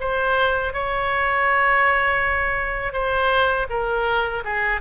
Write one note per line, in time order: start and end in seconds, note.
0.00 0.73 C5
0.73 2.93 C#5
2.93 3.67 C5
3.70 4.44 A#4
4.44 4.81 G#4